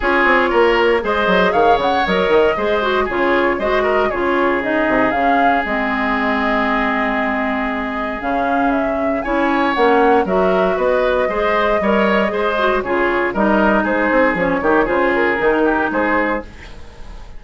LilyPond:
<<
  \new Staff \with { instrumentName = "flute" } { \time 4/4 \tempo 4 = 117 cis''2 dis''4 f''8 fis''8 | dis''2 cis''4 dis''4 | cis''4 dis''4 f''4 dis''4~ | dis''1 |
f''4 e''4 gis''4 fis''4 | e''4 dis''2.~ | dis''4 cis''4 dis''4 c''4 | cis''4 c''8 ais'4. c''4 | }
  \new Staff \with { instrumentName = "oboe" } { \time 4/4 gis'4 ais'4 c''4 cis''4~ | cis''4 c''4 gis'4 c''8 ais'8 | gis'1~ | gis'1~ |
gis'2 cis''2 | ais'4 b'4 c''4 cis''4 | c''4 gis'4 ais'4 gis'4~ | gis'8 g'8 gis'4. g'8 gis'4 | }
  \new Staff \with { instrumentName = "clarinet" } { \time 4/4 f'2 gis'2 | ais'4 gis'8 fis'8 f'4 fis'4 | f'4 dis'4 cis'4 c'4~ | c'1 |
cis'2 e'4 cis'4 | fis'2 gis'4 ais'4 | gis'8 fis'8 f'4 dis'2 | cis'8 dis'8 f'4 dis'2 | }
  \new Staff \with { instrumentName = "bassoon" } { \time 4/4 cis'8 c'8 ais4 gis8 fis8 dis8 cis8 | fis8 dis8 gis4 cis4 gis4 | cis4. c8 cis4 gis4~ | gis1 |
cis2 cis'4 ais4 | fis4 b4 gis4 g4 | gis4 cis4 g4 gis8 c'8 | f8 dis8 cis4 dis4 gis4 | }
>>